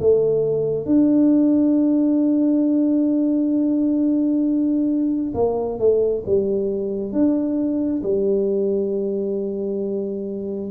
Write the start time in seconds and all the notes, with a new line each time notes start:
0.00 A3
0.85 D4
5.34 A#3
5.79 A3
6.26 G3
7.12 D4
8.03 G3